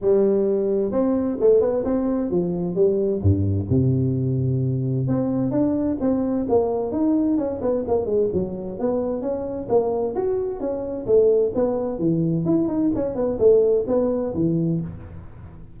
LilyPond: \new Staff \with { instrumentName = "tuba" } { \time 4/4 \tempo 4 = 130 g2 c'4 a8 b8 | c'4 f4 g4 g,4 | c2. c'4 | d'4 c'4 ais4 dis'4 |
cis'8 b8 ais8 gis8 fis4 b4 | cis'4 ais4 fis'4 cis'4 | a4 b4 e4 e'8 dis'8 | cis'8 b8 a4 b4 e4 | }